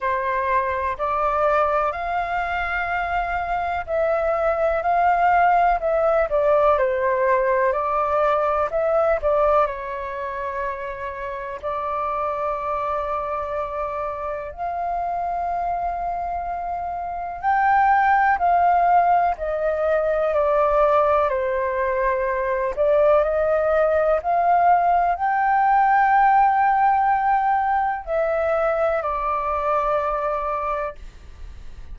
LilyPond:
\new Staff \with { instrumentName = "flute" } { \time 4/4 \tempo 4 = 62 c''4 d''4 f''2 | e''4 f''4 e''8 d''8 c''4 | d''4 e''8 d''8 cis''2 | d''2. f''4~ |
f''2 g''4 f''4 | dis''4 d''4 c''4. d''8 | dis''4 f''4 g''2~ | g''4 e''4 d''2 | }